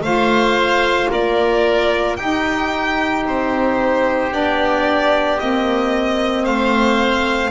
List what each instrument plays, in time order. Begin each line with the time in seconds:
0.00 double bass A3, saxophone F4, oboe C5, violin F5
1.10 double bass A#3, oboe A#4, violin D5
2.16 double bass D#4, saxophone D#4, oboe G4, violin G5
3.25 double bass C4, violin C5
4.31 double bass B3, saxophone D4, violin D5
5.39 double bass A#3, saxophone C4, violin D#5
6.44 double bass A3, oboe C5, violin F5